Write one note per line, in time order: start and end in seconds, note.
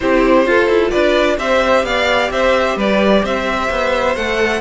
0.00 0.46 C4
0.00 0.46 E4
0.00 0.47 G4
0.00 0.90 C5
0.46 1.37 F4
0.46 0.67 F4
0.46 0.91 A4
0.67 0.90 E4
0.90 1.37 D4
0.90 1.37 B4
0.90 1.36 D5
1.37 1.83 C4
1.37 4.14 G4
1.37 1.85 C5
1.37 1.84 E5
1.83 2.29 B3
1.83 2.31 D5
1.83 2.30 F5
2.30 2.76 C4
2.30 2.76 C5
2.30 2.77 E5
2.76 3.22 G3
2.76 3.22 B4
2.76 3.25 D5
3.23 3.69 C4
3.23 4.60 C5
3.23 4.16 E5
3.70 4.15 B3
4.15 4.60 A3
4.15 4.60 A4
4.15 4.60 F#5